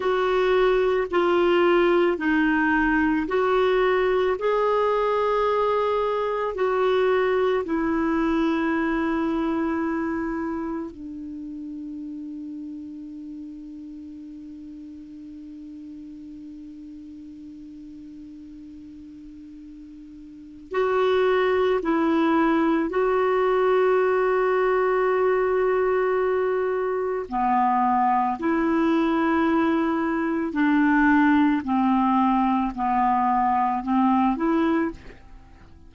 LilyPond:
\new Staff \with { instrumentName = "clarinet" } { \time 4/4 \tempo 4 = 55 fis'4 f'4 dis'4 fis'4 | gis'2 fis'4 e'4~ | e'2 d'2~ | d'1~ |
d'2. fis'4 | e'4 fis'2.~ | fis'4 b4 e'2 | d'4 c'4 b4 c'8 e'8 | }